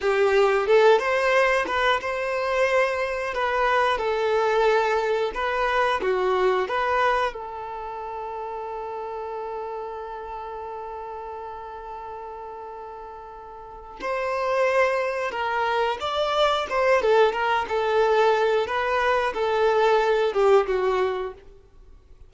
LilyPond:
\new Staff \with { instrumentName = "violin" } { \time 4/4 \tempo 4 = 90 g'4 a'8 c''4 b'8 c''4~ | c''4 b'4 a'2 | b'4 fis'4 b'4 a'4~ | a'1~ |
a'1~ | a'4 c''2 ais'4 | d''4 c''8 a'8 ais'8 a'4. | b'4 a'4. g'8 fis'4 | }